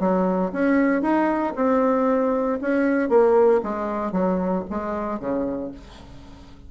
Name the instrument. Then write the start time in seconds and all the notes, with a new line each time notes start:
bassoon
0.00 F#3
0.53 C#4
1.02 D#4
1.56 C4
2.62 C#4
3.10 A#3
3.63 G#3
4.12 F#3
4.70 G#3
5.20 C#3